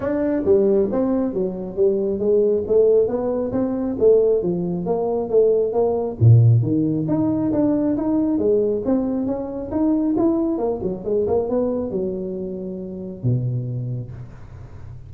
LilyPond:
\new Staff \with { instrumentName = "tuba" } { \time 4/4 \tempo 4 = 136 d'4 g4 c'4 fis4 | g4 gis4 a4 b4 | c'4 a4 f4 ais4 | a4 ais4 ais,4 dis4 |
dis'4 d'4 dis'4 gis4 | c'4 cis'4 dis'4 e'4 | ais8 fis8 gis8 ais8 b4 fis4~ | fis2 b,2 | }